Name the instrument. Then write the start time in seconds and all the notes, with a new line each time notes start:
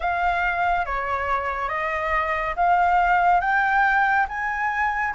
flute
0.00 F5
0.85 C#5
1.69 D#5
2.56 F5
3.40 G5
4.28 G#5